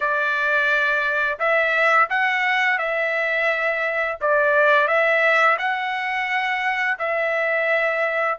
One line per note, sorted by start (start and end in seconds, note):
0.00 1.39 D5
1.39 2.08 E5
2.09 2.78 F#5
2.78 4.18 E5
4.20 4.87 D5
4.87 5.57 E5
5.58 6.97 F#5
6.99 8.38 E5